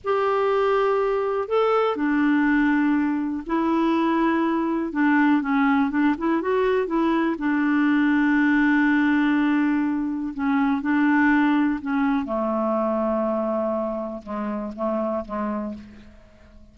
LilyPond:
\new Staff \with { instrumentName = "clarinet" } { \time 4/4 \tempo 4 = 122 g'2. a'4 | d'2. e'4~ | e'2 d'4 cis'4 | d'8 e'8 fis'4 e'4 d'4~ |
d'1~ | d'4 cis'4 d'2 | cis'4 a2.~ | a4 gis4 a4 gis4 | }